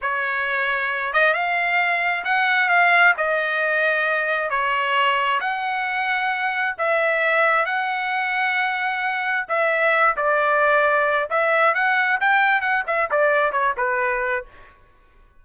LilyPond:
\new Staff \with { instrumentName = "trumpet" } { \time 4/4 \tempo 4 = 133 cis''2~ cis''8 dis''8 f''4~ | f''4 fis''4 f''4 dis''4~ | dis''2 cis''2 | fis''2. e''4~ |
e''4 fis''2.~ | fis''4 e''4. d''4.~ | d''4 e''4 fis''4 g''4 | fis''8 e''8 d''4 cis''8 b'4. | }